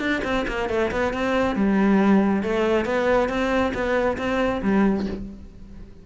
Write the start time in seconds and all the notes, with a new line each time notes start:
0.00 D4
0.24 C4
0.48 A#3
0.69 A3
0.92 B3
1.13 C4
1.56 G3
2.43 A3
2.85 B3
3.29 C4
3.74 B3
4.18 C4
4.63 G3